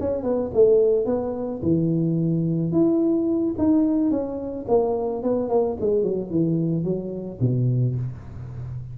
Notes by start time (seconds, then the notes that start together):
0.00 C#4
0.23 B3
0.54 A3
1.06 B3
1.63 E3
2.72 E4
3.58 D#4
4.11 C#4
4.68 A#3
5.23 B3
5.49 A#3
5.80 G#3
6.03 F#3
6.31 E3
6.84 F#3
7.41 B2